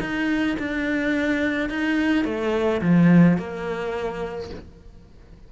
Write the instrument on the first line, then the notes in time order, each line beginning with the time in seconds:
cello
0.00 D#4
0.59 D4
1.69 D#4
2.25 A3
2.82 F3
3.38 A#3